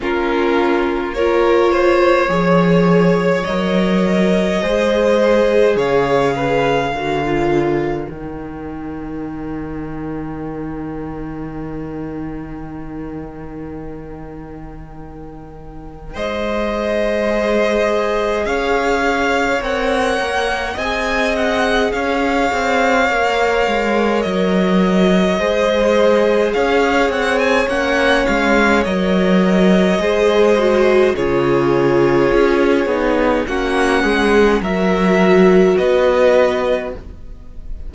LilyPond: <<
  \new Staff \with { instrumentName = "violin" } { \time 4/4 \tempo 4 = 52 ais'4 cis''2 dis''4~ | dis''4 f''2 g''4~ | g''1~ | g''2 dis''2 |
f''4 fis''4 gis''8 fis''8 f''4~ | f''4 dis''2 f''8 fis''16 gis''16 | fis''8 f''8 dis''2 cis''4~ | cis''4 fis''4 e''4 dis''4 | }
  \new Staff \with { instrumentName = "violin" } { \time 4/4 f'4 ais'8 c''8 cis''2 | c''4 cis''8 b'8 ais'2~ | ais'1~ | ais'2 c''2 |
cis''2 dis''4 cis''4~ | cis''2 c''4 cis''4~ | cis''2 c''4 gis'4~ | gis'4 fis'8 gis'8 ais'4 b'4 | }
  \new Staff \with { instrumentName = "viola" } { \time 4/4 cis'4 f'4 gis'4 ais'4 | gis'2 fis'16 f'8. dis'4~ | dis'1~ | dis'2. gis'4~ |
gis'4 ais'4 gis'2 | ais'2 gis'2 | cis'4 ais'4 gis'8 fis'8 f'4~ | f'8 dis'8 cis'4 fis'2 | }
  \new Staff \with { instrumentName = "cello" } { \time 4/4 ais2 f4 fis4 | gis4 cis4 d4 dis4~ | dis1~ | dis2 gis2 |
cis'4 c'8 ais8 c'4 cis'8 c'8 | ais8 gis8 fis4 gis4 cis'8 c'8 | ais8 gis8 fis4 gis4 cis4 | cis'8 b8 ais8 gis8 fis4 b4 | }
>>